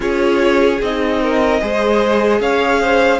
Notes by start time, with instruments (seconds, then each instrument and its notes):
0.00 cello C#4, viola F4, violin G#4 C#5
0.81 cello C4, viola D#4, violin D#5
1.22 violin A#4
1.61 cello G#3, viola G#4, violin C5
2.40 cello C#4, violin C#5 F5
2.81 violin C5